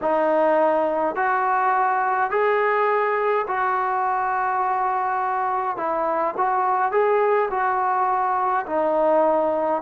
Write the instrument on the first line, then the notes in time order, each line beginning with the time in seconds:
trombone
0.01 D#4
1.15 F#4
2.30 G#4
3.47 F#4
5.76 E4
6.37 F#4
6.91 G#4
7.50 F#4
8.66 D#4